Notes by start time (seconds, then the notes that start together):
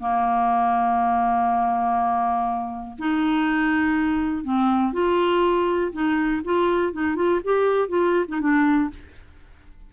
0.00 A#3
2.99 D#4
4.44 C4
4.93 F4
5.93 D#4
6.45 F4
6.93 D#4
7.16 F4
7.44 G4
7.89 F4
8.29 D#4
8.41 D4